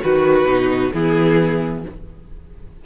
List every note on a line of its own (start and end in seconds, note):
0.00 0.44 D#3
0.00 0.46 F#4
0.00 0.93 F#4
0.00 0.92 B4
0.44 0.90 B2
0.44 0.91 D#4
0.92 1.85 E3
0.92 1.84 B3
0.92 1.85 E4
0.92 1.84 G#4